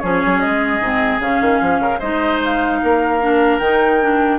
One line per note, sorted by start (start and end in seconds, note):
0.00 0.23 F3
0.00 0.81 C#4
0.00 1.82 G#4
0.00 0.40 C#5
0.26 0.46 F#3
0.40 0.80 G#3
0.40 1.20 D#5
0.80 1.20 G#2
0.80 1.21 C4
1.20 1.40 C#3
1.20 2.01 C#4
1.20 2.01 F5
1.41 1.61 D#3
1.61 1.79 F3
1.79 1.99 C#3
1.79 1.99 A#4
1.99 2.82 G#3
1.99 3.21 D#4
1.99 2.79 C5
1.99 2.41 D#5
2.45 3.59 F5
2.83 3.60 A#3
2.83 4.39 A#4
3.21 3.61 D4
3.59 4.39 D#3
3.59 4.01 D#4
3.59 4.39 G5
4.01 4.39 D4